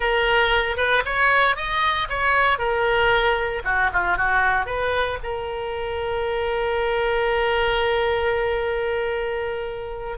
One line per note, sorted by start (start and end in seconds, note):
0.00 0.76 A#4
0.76 1.02 B4
1.05 1.56 C#5
1.56 2.08 D#5
2.09 2.58 C#5
2.58 3.62 A#4
3.64 3.90 F#4
3.92 4.17 F4
4.17 4.66 F#4
4.66 5.18 B4
5.23 10.18 A#4